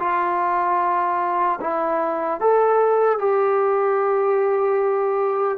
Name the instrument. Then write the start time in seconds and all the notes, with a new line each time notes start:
trombone
0.00 F4
1.61 E4
2.41 A4
3.19 G4